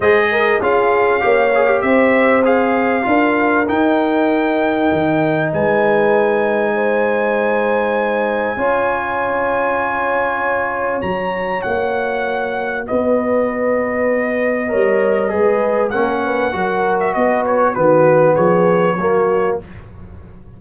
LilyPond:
<<
  \new Staff \with { instrumentName = "trumpet" } { \time 4/4 \tempo 4 = 98 dis''4 f''2 e''4 | f''2 g''2~ | g''4 gis''2.~ | gis''1~ |
gis''2 ais''4 fis''4~ | fis''4 dis''2.~ | dis''2 fis''4.~ fis''16 e''16 | dis''8 cis''8 b'4 cis''2 | }
  \new Staff \with { instrumentName = "horn" } { \time 4/4 c''8 ais'8 gis'4 cis''4 c''4~ | c''4 ais'2.~ | ais'4 b'2 c''4~ | c''2 cis''2~ |
cis''1~ | cis''4 b'2. | cis''4 b'4 ais'8 b'8 ais'4 | b'4 fis'4 gis'4 fis'4 | }
  \new Staff \with { instrumentName = "trombone" } { \time 4/4 gis'4 f'4 g'8 gis'16 g'4~ g'16 | gis'4 f'4 dis'2~ | dis'1~ | dis'2 f'2~ |
f'2 fis'2~ | fis'1 | ais'4 gis'4 cis'4 fis'4~ | fis'4 b2 ais4 | }
  \new Staff \with { instrumentName = "tuba" } { \time 4/4 gis4 cis'4 ais4 c'4~ | c'4 d'4 dis'2 | dis4 gis2.~ | gis2 cis'2~ |
cis'2 fis4 ais4~ | ais4 b2. | g4 gis4 ais4 fis4 | b4 dis4 f4 fis4 | }
>>